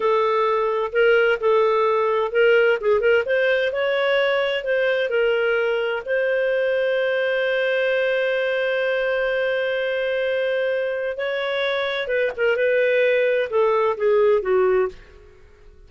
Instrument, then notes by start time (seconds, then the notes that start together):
clarinet
0.00 A4
0.92 A#4
1.40 A4
2.31 A#4
2.81 G#4
3.00 A#4
3.25 C5
3.72 C#5
4.64 C5
5.09 A#4
6.05 C5
11.17 C#5
12.07 B4
12.36 A#4
12.56 B4
13.50 A4
13.97 G#4
14.41 F#4